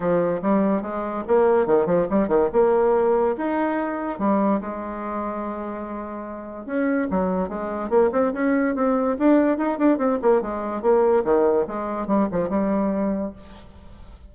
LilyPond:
\new Staff \with { instrumentName = "bassoon" } { \time 4/4 \tempo 4 = 144 f4 g4 gis4 ais4 | dis8 f8 g8 dis8 ais2 | dis'2 g4 gis4~ | gis1 |
cis'4 fis4 gis4 ais8 c'8 | cis'4 c'4 d'4 dis'8 d'8 | c'8 ais8 gis4 ais4 dis4 | gis4 g8 f8 g2 | }